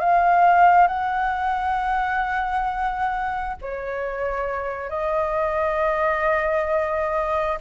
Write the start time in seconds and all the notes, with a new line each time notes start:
0.00 F5
0.88 F#5
3.61 C#5
4.90 D#5